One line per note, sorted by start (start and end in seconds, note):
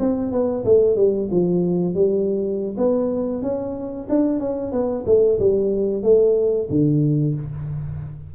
0.00 0.32 C4
0.32 0.65 B3
0.65 0.96 A3
0.96 1.29 G3
1.31 1.95 F3
1.95 2.76 G3
2.77 3.43 B3
3.43 4.08 C#4
4.09 4.40 D4
4.40 4.72 C#4
4.72 5.05 B3
5.06 5.39 A3
5.40 6.03 G3
6.03 6.68 A3
6.70 7.35 D3